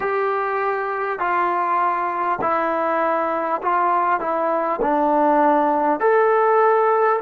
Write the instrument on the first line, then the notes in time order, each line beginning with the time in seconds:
trombone
0.00 G4
1.19 F4
2.41 E4
3.62 F4
4.19 E4
4.81 D4
6.00 A4